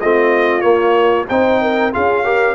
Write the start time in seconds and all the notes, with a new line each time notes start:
0.00 A3 C4 F4 D#5
0.61 A#3 C#5
1.28 C4 D#4 C5 G5
1.61 A#4
1.92 C#4 F4 G#4 F5
2.24 G4 A#4